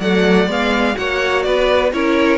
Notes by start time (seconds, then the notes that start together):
0.00 F#3 A3 D5 F#5
0.47 G#3 B3 F5
0.94 A#3 F#4 C#5 F#5
1.43 B3 B4 D5
1.93 C#4 E4 A#4 C#5